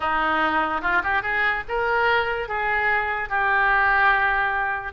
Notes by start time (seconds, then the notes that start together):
0.00 D#4
0.81 F4
1.03 G4
1.22 G#4
1.68 A#4
2.48 G#4
3.29 G4